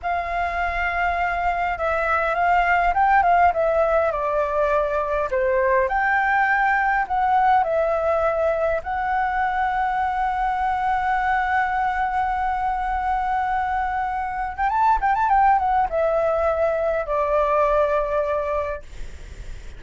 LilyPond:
\new Staff \with { instrumentName = "flute" } { \time 4/4 \tempo 4 = 102 f''2. e''4 | f''4 g''8 f''8 e''4 d''4~ | d''4 c''4 g''2 | fis''4 e''2 fis''4~ |
fis''1~ | fis''1~ | fis''8. g''16 a''8 g''16 a''16 g''8 fis''8 e''4~ | e''4 d''2. | }